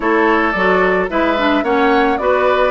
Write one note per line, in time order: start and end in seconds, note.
0.00 0.54 A3
0.00 0.53 E4
0.00 1.10 A4
0.00 0.51 C#5
0.51 1.08 F#3
0.51 1.09 F#4
0.51 1.06 D5
1.09 1.62 G#3
1.09 1.36 E4
1.09 1.63 B4
1.09 1.63 E5
1.38 1.64 D4
1.62 2.17 A#3
1.62 2.18 C#4
1.62 2.18 C#5
1.62 2.17 F#5
2.17 2.71 B3
2.17 2.71 F#4
2.17 2.71 B4
2.17 2.71 D5